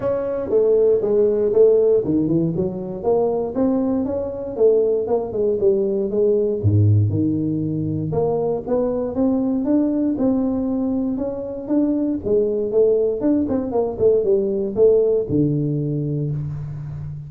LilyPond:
\new Staff \with { instrumentName = "tuba" } { \time 4/4 \tempo 4 = 118 cis'4 a4 gis4 a4 | dis8 e8 fis4 ais4 c'4 | cis'4 a4 ais8 gis8 g4 | gis4 gis,4 dis2 |
ais4 b4 c'4 d'4 | c'2 cis'4 d'4 | gis4 a4 d'8 c'8 ais8 a8 | g4 a4 d2 | }